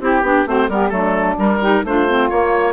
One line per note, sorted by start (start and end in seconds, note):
0.00 0.22 C4
0.00 0.24 E4
0.00 0.46 G4
0.00 0.49 G4
0.22 0.45 B3
0.22 0.47 D4
0.46 0.69 A3
0.46 0.70 C4
0.46 0.69 F#4
0.46 0.70 C5
0.69 0.92 G3
0.69 0.91 B3
0.69 0.93 G4
0.69 0.89 A#4
0.89 1.37 F#3
0.89 1.37 A3
0.89 1.60 D4
0.89 1.35 A4
1.37 1.60 G3
1.37 1.84 G3
1.37 1.85 A#4
1.60 1.85 D#4
1.60 1.83 G4
1.84 2.30 A3
1.84 2.08 D4
1.84 2.73 F4
1.84 2.29 C5
2.08 2.31 C4
2.29 2.73 A#3
2.29 2.73 C#5